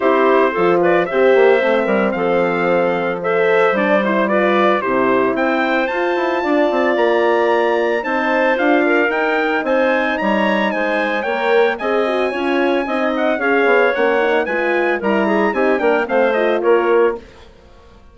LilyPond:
<<
  \new Staff \with { instrumentName = "trumpet" } { \time 4/4 \tempo 4 = 112 c''4. d''8 e''2 | f''2 e''4 d''8 c''8 | d''4 c''4 g''4 a''4~ | a''4 ais''2 a''4 |
f''4 g''4 gis''4 ais''4 | gis''4 g''4 gis''2~ | gis''8 fis''8 f''4 fis''4 gis''4 | ais''4 gis''8 g''8 f''8 dis''8 cis''4 | }
  \new Staff \with { instrumentName = "clarinet" } { \time 4/4 g'4 a'8 b'8 c''4. ais'8 | a'2 c''2 | b'4 g'4 c''2 | d''2. c''4~ |
c''8 ais'4. c''4 cis''4 | c''4 cis''4 dis''4 cis''4 | dis''4 cis''2 b'4 | ais'8 gis'8 g'8 ais'8 c''4 ais'4 | }
  \new Staff \with { instrumentName = "horn" } { \time 4/4 e'4 f'4 g'4 c'4~ | c'2 a'4 d'8 e'8 | f'4 e'2 f'4~ | f'2. dis'4 |
f'4 dis'2.~ | dis'4 ais'4 gis'8 fis'8 f'4 | dis'4 gis'4 cis'8 dis'8 f'4 | e'4 dis'8 d'8 c'8 f'4. | }
  \new Staff \with { instrumentName = "bassoon" } { \time 4/4 c'4 f4 c'8 ais8 a8 g8 | f2. g4~ | g4 c4 c'4 f'8 e'8 | d'8 c'8 ais2 c'4 |
d'4 dis'4 c'4 g4 | gis4 ais4 c'4 cis'4 | c'4 cis'8 b8 ais4 gis4 | g4 c'8 ais8 a4 ais4 | }
>>